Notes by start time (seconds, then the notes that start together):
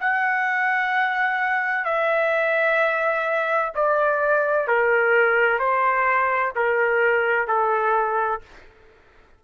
0.00 F#5
1.85 E5
3.75 D5
4.68 A#4
5.59 C5
6.56 A#4
7.47 A4